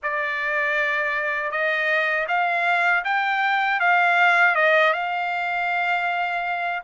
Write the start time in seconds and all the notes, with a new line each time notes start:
0.02 D5
1.51 D#5
2.28 F5
3.04 G5
3.79 F5
4.55 D#5
4.93 F5